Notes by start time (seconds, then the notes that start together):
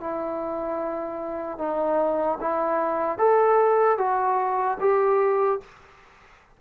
0.00 E4
1.58 D#4
2.41 E4
3.18 A4
3.98 F#4
4.80 G4